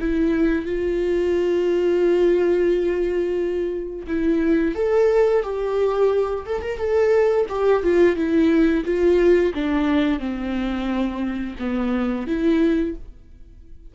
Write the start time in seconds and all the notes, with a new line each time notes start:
0.00 E4
0.66 F4
4.08 E4
4.75 A4
5.43 G4
6.46 A4
6.62 A#4
6.78 A4
7.50 G4
7.83 F4
8.16 E4
8.85 F4
9.55 D4
10.20 C4
11.59 B3
12.27 E4